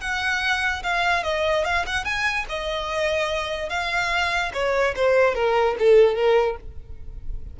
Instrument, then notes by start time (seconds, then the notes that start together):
violin
0.00 F#5
0.83 F5
1.23 D#5
1.64 F5
1.86 F#5
2.04 G#5
2.48 D#5
3.69 F5
4.53 C#5
4.95 C5
5.34 A#4
5.79 A4
6.15 A#4